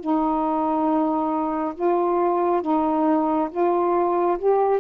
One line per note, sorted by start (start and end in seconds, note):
0.00 1.74 D#4
1.75 2.62 F4
2.62 3.49 D#4
3.51 4.38 F4
4.38 4.80 G4